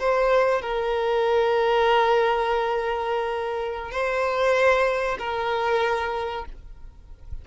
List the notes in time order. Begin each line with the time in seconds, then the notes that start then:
0.00 C5
0.62 A#4
3.92 C5
5.19 A#4